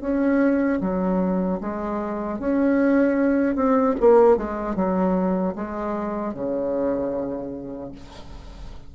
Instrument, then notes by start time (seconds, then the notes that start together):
bassoon
0.00 C#4
0.80 F#3
1.60 G#3
2.39 C#4
3.55 C4
4.00 A#3
4.37 G#3
4.75 F#3
5.55 G#3
6.33 C#3